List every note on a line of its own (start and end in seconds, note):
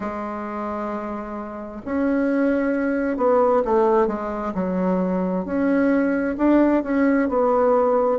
0.00 1.81 G#3
1.85 3.17 C#4
3.17 3.62 B3
3.64 4.07 A3
4.07 4.52 G#3
4.54 5.45 F#3
5.45 6.36 C#4
6.37 6.83 D4
6.83 7.28 C#4
7.29 8.19 B3